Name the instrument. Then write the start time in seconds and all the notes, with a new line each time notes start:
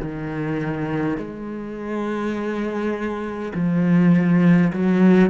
cello
0.00 D#3
1.17 G#3
3.54 F3
4.73 F#3